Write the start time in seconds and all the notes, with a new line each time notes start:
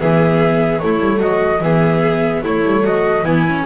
0.00 E3 B3 G#4 E5
0.79 A3 E4 C#5
1.00 G3
1.20 F#3 F#4 D#5
1.60 E3 B3 G#4 E5
2.43 A3 E4 C#5
2.65 G3
2.83 F#3 F#4 D#5
3.23 E3 B3 E4 G#5
3.48 C#4